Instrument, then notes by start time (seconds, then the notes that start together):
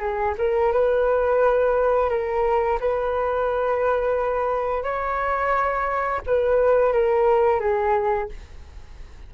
flute
0.00 G#4
0.39 A#4
0.73 B4
2.10 A#4
2.80 B4
4.84 C#5
6.27 B4
6.93 A#4
7.61 G#4